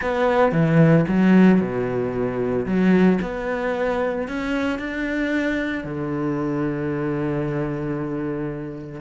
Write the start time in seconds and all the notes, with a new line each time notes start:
0.01 B3
0.52 E3
1.08 F#3
1.60 B2
2.65 F#3
3.21 B3
4.27 C#4
4.78 D4
5.83 D3